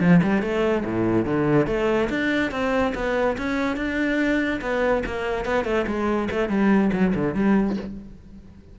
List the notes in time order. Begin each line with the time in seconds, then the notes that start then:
0.00 F3
0.23 G3
0.42 A3
0.85 A2
1.25 D3
1.67 A3
2.10 D4
2.51 C4
2.95 B3
3.38 C#4
3.77 D4
4.61 B3
5.06 A#3
5.45 B3
5.65 A3
5.87 G#3
6.31 A3
6.49 G3
6.93 F#3
7.15 D3
7.34 G3